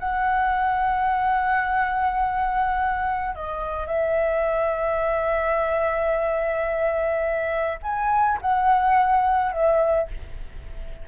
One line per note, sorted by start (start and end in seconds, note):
0.00 3.35 F#5
3.35 3.87 D#5
3.87 7.80 E5
7.83 8.39 G#5
8.42 9.52 F#5
9.52 10.08 E5